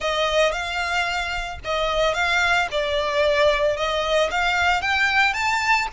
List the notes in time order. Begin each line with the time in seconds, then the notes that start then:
0.00 D#5
0.52 F5
1.64 D#5
2.14 F5
2.71 D5
3.76 D#5
4.30 F5
4.81 G5
5.33 A5